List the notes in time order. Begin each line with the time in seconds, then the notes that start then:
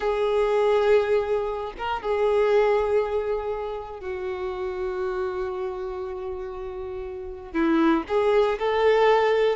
0.00 G#4
1.77 A#4
2.02 G#4
4.00 F#4
7.53 E4
8.07 G#4
8.59 A4